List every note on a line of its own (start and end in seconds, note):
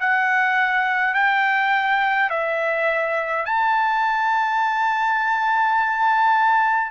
0.00 1.14 F#5
1.14 2.30 G5
2.30 3.46 E5
3.46 6.91 A5